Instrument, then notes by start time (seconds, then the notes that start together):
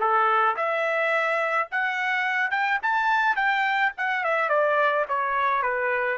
trumpet
0.00 A4
0.57 E5
1.72 F#5
2.51 G5
2.83 A5
3.36 G5
3.97 F#5
4.24 E5
4.49 D5
5.09 C#5
5.63 B4